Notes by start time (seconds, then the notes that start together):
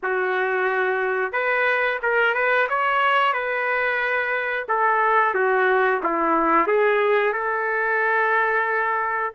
0.02 F#4
1.32 B4
2.02 A#4
2.34 B4
2.68 C#5
3.33 B4
4.68 A4
5.34 F#4
6.03 E4
6.67 G#4
7.32 A4